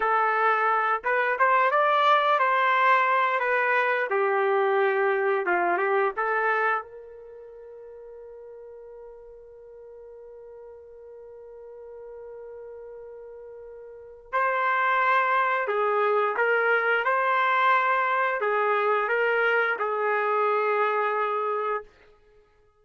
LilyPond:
\new Staff \with { instrumentName = "trumpet" } { \time 4/4 \tempo 4 = 88 a'4. b'8 c''8 d''4 c''8~ | c''4 b'4 g'2 | f'8 g'8 a'4 ais'2~ | ais'1~ |
ais'1~ | ais'4 c''2 gis'4 | ais'4 c''2 gis'4 | ais'4 gis'2. | }